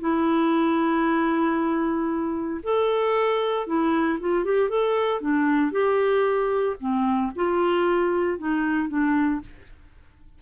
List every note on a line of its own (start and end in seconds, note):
0.00 2.61 E4
2.63 3.67 A4
3.67 4.19 E4
4.20 4.44 F4
4.44 4.69 G4
4.69 5.21 A4
5.21 5.72 D4
5.72 6.76 G4
6.80 7.32 C4
7.36 8.39 F4
8.39 8.89 D#4
8.89 9.41 D4